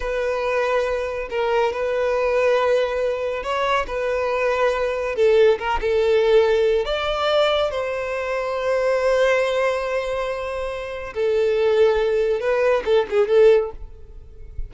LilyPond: \new Staff \with { instrumentName = "violin" } { \time 4/4 \tempo 4 = 140 b'2. ais'4 | b'1 | cis''4 b'2. | a'4 ais'8 a'2~ a'8 |
d''2 c''2~ | c''1~ | c''2 a'2~ | a'4 b'4 a'8 gis'8 a'4 | }